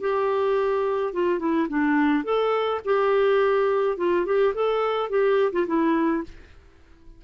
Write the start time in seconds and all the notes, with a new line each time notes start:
0.00 G4
1.13 F4
1.39 E4
1.68 D4
2.24 A4
2.85 G4
3.97 F4
4.25 G4
4.54 A4
5.09 G4
5.52 F4
5.67 E4